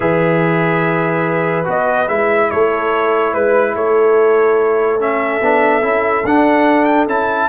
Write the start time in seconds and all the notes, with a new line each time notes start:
0.00 E3 G#4 B4 E5
1.64 B3 F#4 D#5
2.08 G#3 E4 E5
2.50 A3 A4 C#5
3.33 G#3 B4
3.74 A3 A4 C#5
4.99 C#4 E5
5.41 B3 D4
5.82 C#4 E4
6.24 D4 F#5
6.84 G5
7.07 C#4 E4 A5